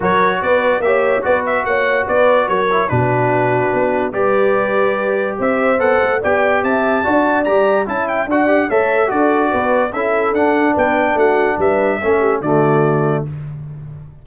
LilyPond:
<<
  \new Staff \with { instrumentName = "trumpet" } { \time 4/4 \tempo 4 = 145 cis''4 d''4 e''4 d''8 e''8 | fis''4 d''4 cis''4 b'4~ | b'2 d''2~ | d''4 e''4 fis''4 g''4 |
a''2 ais''4 a''8 g''8 | fis''4 e''4 d''2 | e''4 fis''4 g''4 fis''4 | e''2 d''2 | }
  \new Staff \with { instrumentName = "horn" } { \time 4/4 ais'4 b'4 cis''4 b'4 | cis''4 b'4 ais'4 fis'4~ | fis'2 b'2~ | b'4 c''2 d''4 |
e''4 d''2 e''4 | d''4 cis''4 a'4 b'4 | a'2 b'4 fis'4 | b'4 a'8 g'8 fis'2 | }
  \new Staff \with { instrumentName = "trombone" } { \time 4/4 fis'2 g'4 fis'4~ | fis'2~ fis'8 e'8 d'4~ | d'2 g'2~ | g'2 a'4 g'4~ |
g'4 fis'4 g'4 e'4 | fis'8 g'8 a'4 fis'2 | e'4 d'2.~ | d'4 cis'4 a2 | }
  \new Staff \with { instrumentName = "tuba" } { \time 4/4 fis4 b4 ais4 b4 | ais4 b4 fis4 b,4~ | b,4 b4 g2~ | g4 c'4 b8 a8 b4 |
c'4 d'4 g4 cis'4 | d'4 a4 d'4 b4 | cis'4 d'4 b4 a4 | g4 a4 d2 | }
>>